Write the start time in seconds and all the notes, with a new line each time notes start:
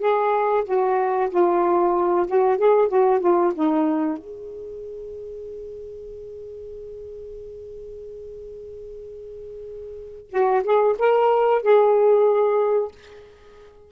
0.00 G#4
0.65 F#4
1.30 F4
2.27 F#4
2.58 G#4
2.89 F#4
3.21 F4
3.55 D#4
4.18 G#4
10.31 F#4
10.64 G#4
10.99 A#4
11.63 G#4